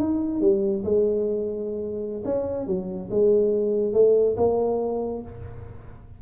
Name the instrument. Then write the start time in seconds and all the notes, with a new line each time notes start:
tuba
0.00 D#4
0.41 G3
0.85 G#3
2.25 C#4
2.67 F#3
3.11 G#3
3.94 A3
4.38 A#3